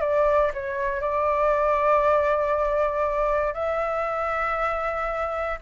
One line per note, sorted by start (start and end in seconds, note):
0.00 0.51 D5
0.53 1.00 C#5
1.00 3.53 D5
3.53 5.59 E5